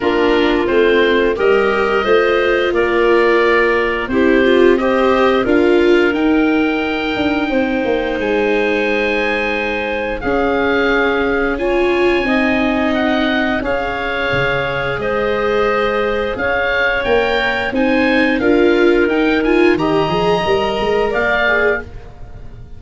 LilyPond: <<
  \new Staff \with { instrumentName = "oboe" } { \time 4/4 \tempo 4 = 88 ais'4 c''4 dis''2 | d''2 c''4 dis''4 | f''4 g''2. | gis''2. f''4~ |
f''4 gis''2 fis''4 | f''2 dis''2 | f''4 g''4 gis''4 f''4 | g''8 gis''8 ais''2 f''4 | }
  \new Staff \with { instrumentName = "clarinet" } { \time 4/4 f'2 ais'4 c''4 | ais'2 g'4 c''4 | ais'2. c''4~ | c''2. gis'4~ |
gis'4 cis''4 dis''2 | cis''2 c''2 | cis''2 c''4 ais'4~ | ais'4 dis''2 d''4 | }
  \new Staff \with { instrumentName = "viola" } { \time 4/4 d'4 c'4 g'4 f'4~ | f'2 e'8 f'8 g'4 | f'4 dis'2.~ | dis'2. cis'4~ |
cis'4 f'4 dis'2 | gis'1~ | gis'4 ais'4 dis'4 f'4 | dis'8 f'8 g'8 gis'8 ais'4. gis'8 | }
  \new Staff \with { instrumentName = "tuba" } { \time 4/4 ais4 a4 g4 a4 | ais2 c'2 | d'4 dis'4. d'8 c'8 ais8 | gis2. cis'4~ |
cis'2 c'2 | cis'4 cis4 gis2 | cis'4 ais4 c'4 d'4 | dis'4 dis8 f8 g8 gis8 ais4 | }
>>